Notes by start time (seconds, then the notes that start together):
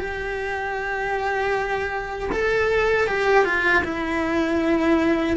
0.00 G4
2.33 A4
3.08 G4
3.45 F4
3.85 E4